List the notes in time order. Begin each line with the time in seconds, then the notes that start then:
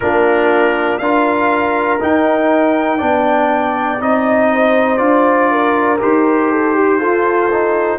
0.00 A#3 D4 F4 A#4
0.98 D4 F4 A#4 F5
1.99 D#4 G5
2.98 B3 D4 D5
3.99 C4 D#4 D#5
4.51 C5
4.97 D4 F4 D5
5.51 A#4
5.99 D#4 G4 C5
6.51 A4
6.75 G4
6.99 F4 A4
7.51 D#4